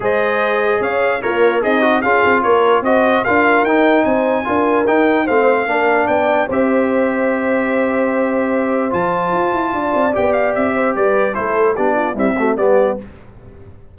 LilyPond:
<<
  \new Staff \with { instrumentName = "trumpet" } { \time 4/4 \tempo 4 = 148 dis''2 f''4 cis''4 | dis''4 f''4 cis''4 dis''4 | f''4 g''4 gis''2 | g''4 f''2 g''4 |
e''1~ | e''2 a''2~ | a''4 g''8 f''8 e''4 d''4 | c''4 d''4 e''4 d''4 | }
  \new Staff \with { instrumentName = "horn" } { \time 4/4 c''2 cis''4 f'4 | dis'4 gis'4 ais'4 c''4 | ais'2 c''4 ais'4~ | ais'4 c''4 ais'4 d''4 |
c''1~ | c''1 | d''2~ d''8 c''8 b'4 | a'4 g'8 f'8 e'8 fis'8 g'4 | }
  \new Staff \with { instrumentName = "trombone" } { \time 4/4 gis'2. ais'4 | gis'8 fis'8 f'2 fis'4 | f'4 dis'2 f'4 | dis'4 c'4 d'2 |
g'1~ | g'2 f'2~ | f'4 g'2. | e'4 d'4 g8 a8 b4 | }
  \new Staff \with { instrumentName = "tuba" } { \time 4/4 gis2 cis'4 ais4 | c'4 cis'8 c'8 ais4 c'4 | d'4 dis'4 c'4 d'4 | dis'4 a4 ais4 b4 |
c'1~ | c'2 f4 f'8 e'8 | d'8 c'8 b4 c'4 g4 | a4 b4 c'4 g4 | }
>>